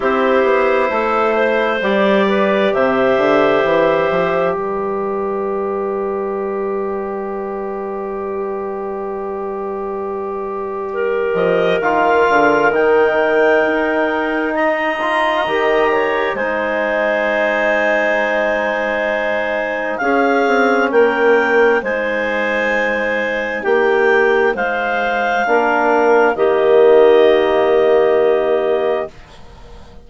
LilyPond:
<<
  \new Staff \with { instrumentName = "clarinet" } { \time 4/4 \tempo 4 = 66 c''2 d''4 e''4~ | e''4 d''2.~ | d''1~ | d''8 dis''8 f''4 g''2 |
ais''2 gis''2~ | gis''2 f''4 g''4 | gis''2 g''4 f''4~ | f''4 dis''2. | }
  \new Staff \with { instrumentName = "clarinet" } { \time 4/4 g'4 a'8 c''4 b'8 c''4~ | c''4 b'2.~ | b'1 | ais'1 |
dis''4. cis''8 c''2~ | c''2 gis'4 ais'4 | c''2 g'4 c''4 | ais'4 g'2. | }
  \new Staff \with { instrumentName = "trombone" } { \time 4/4 e'2 g'2~ | g'1~ | g'1~ | g'4 f'4 dis'2~ |
dis'8 f'8 g'4 dis'2~ | dis'2 cis'2 | dis'1 | d'4 ais2. | }
  \new Staff \with { instrumentName = "bassoon" } { \time 4/4 c'8 b8 a4 g4 c8 d8 | e8 f8 g2.~ | g1~ | g8 f8 dis8 d8 dis4 dis'4~ |
dis'4 dis4 gis2~ | gis2 cis'8 c'8 ais4 | gis2 ais4 gis4 | ais4 dis2. | }
>>